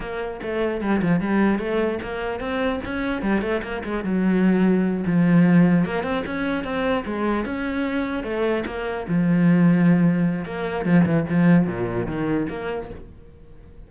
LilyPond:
\new Staff \with { instrumentName = "cello" } { \time 4/4 \tempo 4 = 149 ais4 a4 g8 f8 g4 | a4 ais4 c'4 cis'4 | g8 a8 ais8 gis8 fis2~ | fis8 f2 ais8 c'8 cis'8~ |
cis'8 c'4 gis4 cis'4.~ | cis'8 a4 ais4 f4.~ | f2 ais4 f8 e8 | f4 ais,4 dis4 ais4 | }